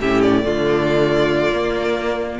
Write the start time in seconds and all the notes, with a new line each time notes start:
0.00 A2 C#4 G4 E5
0.22 D5
0.43 D3 A3 F4
1.52 A#3